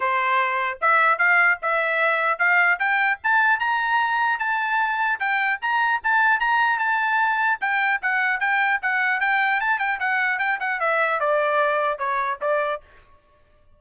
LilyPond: \new Staff \with { instrumentName = "trumpet" } { \time 4/4 \tempo 4 = 150 c''2 e''4 f''4 | e''2 f''4 g''4 | a''4 ais''2 a''4~ | a''4 g''4 ais''4 a''4 |
ais''4 a''2 g''4 | fis''4 g''4 fis''4 g''4 | a''8 g''8 fis''4 g''8 fis''8 e''4 | d''2 cis''4 d''4 | }